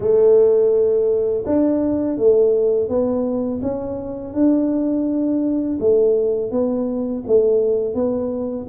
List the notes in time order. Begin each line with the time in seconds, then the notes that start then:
0.00 A3
1.46 D4
2.17 A3
2.88 B3
3.61 C#4
4.33 D4
5.80 A3
6.51 B3
7.27 A3
7.94 B3